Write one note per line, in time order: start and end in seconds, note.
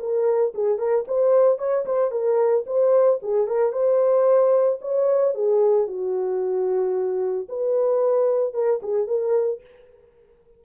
0.00 0.54 A#4
0.55 0.79 G#4
0.79 1.06 A#4
1.08 1.59 C5
1.59 1.86 C#5
1.86 2.12 C5
2.12 2.65 A#4
2.67 3.20 C5
3.23 3.48 G#4
3.48 3.73 A#4
3.73 4.80 C5
4.82 5.35 C#5
5.35 5.87 G#4
5.87 7.48 F#4
7.49 8.54 B4
8.54 8.81 A#4
8.83 9.08 G#4
9.08 9.61 A#4